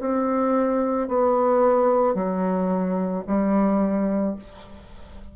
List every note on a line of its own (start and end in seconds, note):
0.00 1.08 C4
1.08 2.14 B3
2.14 3.23 F#3
3.27 4.36 G3